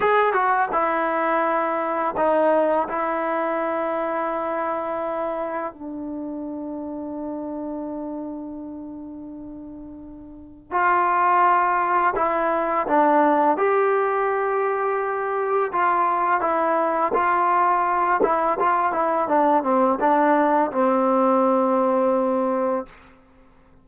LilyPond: \new Staff \with { instrumentName = "trombone" } { \time 4/4 \tempo 4 = 84 gis'8 fis'8 e'2 dis'4 | e'1 | d'1~ | d'2. f'4~ |
f'4 e'4 d'4 g'4~ | g'2 f'4 e'4 | f'4. e'8 f'8 e'8 d'8 c'8 | d'4 c'2. | }